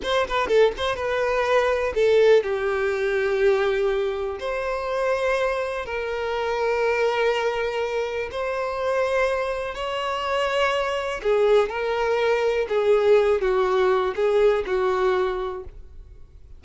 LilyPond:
\new Staff \with { instrumentName = "violin" } { \time 4/4 \tempo 4 = 123 c''8 b'8 a'8 c''8 b'2 | a'4 g'2.~ | g'4 c''2. | ais'1~ |
ais'4 c''2. | cis''2. gis'4 | ais'2 gis'4. fis'8~ | fis'4 gis'4 fis'2 | }